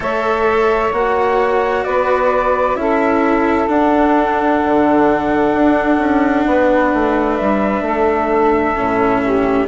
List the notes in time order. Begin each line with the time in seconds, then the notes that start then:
0.00 A3 A4 C#5 E5
0.92 A#3 F#4 F#5
1.83 B3 B4 D5
2.75 C#4 E4 A4 E5
3.67 D4 F#5
4.65 D3
5.53 D4
5.98 C#4
6.46 B3 B4
6.93 A3
7.36 G3 E5
7.81 A3 A4
8.75 A2 C#4
9.22 G4